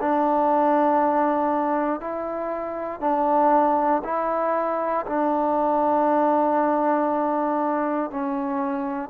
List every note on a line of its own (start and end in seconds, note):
0.00 2.01 D4
2.01 3.00 E4
3.00 4.02 D4
4.04 5.06 E4
5.07 8.11 D4
8.11 9.10 C#4